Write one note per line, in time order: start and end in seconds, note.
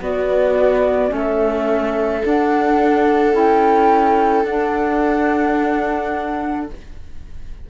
0.00 1.09 B3
0.00 1.12 B3
0.00 1.13 F#4
0.00 1.13 D5
1.09 2.23 A3
1.09 2.20 C#4
1.09 6.70 A4
1.09 2.24 E5
2.24 3.33 D4
2.24 3.34 D4
2.24 3.34 F#5
3.33 4.45 C#4
3.33 4.44 E4
3.33 4.45 G5
4.45 6.67 D4
4.45 6.69 D4
4.45 6.68 F#5